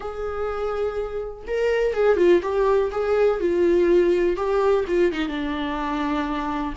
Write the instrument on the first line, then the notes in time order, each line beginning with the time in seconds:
viola
0.00 G#4
1.47 A#4
1.93 G#4
2.16 F4
2.42 G4
2.91 G#4
3.40 F4
4.36 G4
4.87 F4
5.12 D#4
5.28 D4